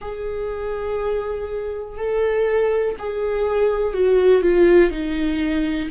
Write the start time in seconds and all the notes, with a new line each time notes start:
0.01 G#4
1.97 A4
2.99 G#4
3.93 F#4
4.42 F4
4.90 D#4